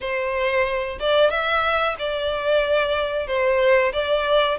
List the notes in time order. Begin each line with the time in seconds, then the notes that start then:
0.00 C5
0.99 D5
1.30 E5
1.98 D5
3.27 C5
3.92 D5